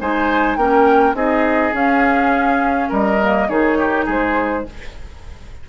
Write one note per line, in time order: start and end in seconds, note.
0.00 0.56 G#3
0.00 0.58 D#4
0.00 0.57 C5
0.00 0.56 G#5
0.56 1.14 A#3
0.56 1.14 C#4
0.56 1.16 A#4
0.56 1.14 G5
1.14 1.72 C4
1.14 1.72 D#4
1.14 2.89 G#4
1.14 1.73 D#5
1.72 3.18 C#4
1.72 2.89 C#4
1.72 2.91 F5
2.89 3.49 G3
2.89 3.47 A#4
2.89 3.49 D#5
3.21 3.49 A#3
3.48 4.07 D#3
3.48 4.65 D#4
3.48 3.77 G#4
3.48 4.07 C#5
3.78 4.05 G4
4.05 4.65 G#3
4.05 4.63 G#4
4.05 4.69 C5